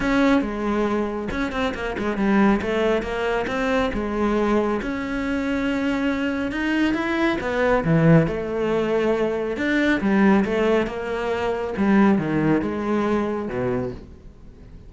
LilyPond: \new Staff \with { instrumentName = "cello" } { \time 4/4 \tempo 4 = 138 cis'4 gis2 cis'8 c'8 | ais8 gis8 g4 a4 ais4 | c'4 gis2 cis'4~ | cis'2. dis'4 |
e'4 b4 e4 a4~ | a2 d'4 g4 | a4 ais2 g4 | dis4 gis2 b,4 | }